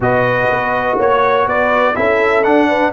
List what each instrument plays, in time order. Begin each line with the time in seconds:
0.00 tuba B2, trombone F#4, horn B4, trumpet D#5
0.49 tuba B3
0.96 tuba A#3, horn C#5, trumpet C#5
1.46 tuba B3, horn B4, trumpet D5
1.95 tuba C#4, trombone E4, horn A4, trumpet E5
2.43 tuba D4, trombone D4, trumpet F#5
2.68 horn B4